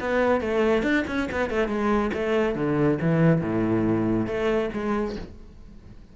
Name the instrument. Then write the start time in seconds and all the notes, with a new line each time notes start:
cello
0.00 B3
0.41 A3
0.83 D4
1.07 C#4
1.31 B3
1.50 A3
1.68 G#3
2.14 A3
2.55 D3
3.01 E3
3.41 A2
4.27 A3
4.73 G#3